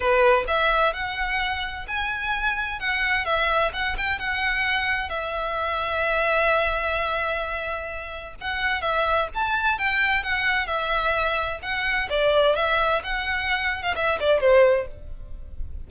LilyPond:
\new Staff \with { instrumentName = "violin" } { \time 4/4 \tempo 4 = 129 b'4 e''4 fis''2 | gis''2 fis''4 e''4 | fis''8 g''8 fis''2 e''4~ | e''1~ |
e''2 fis''4 e''4 | a''4 g''4 fis''4 e''4~ | e''4 fis''4 d''4 e''4 | fis''4.~ fis''16 f''16 e''8 d''8 c''4 | }